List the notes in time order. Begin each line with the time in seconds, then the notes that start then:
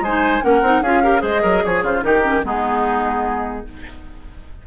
0.00 G#3 C5 G#5
0.06 D#4
0.41 A#3 C#4 A#4 F#5
0.62 C4 D#4
0.81 C#4 F4 G#4 F5
1.03 G4 A#4
1.19 G#3 G#4 C5
1.25 D#5
1.42 F#3 A#4
1.65 F3 G#4 C#5
1.82 C#3 F4 C5
2.01 D#3 D#4 G4 A#4
2.22 C#4
2.44 G#3 B3 D#4 G#4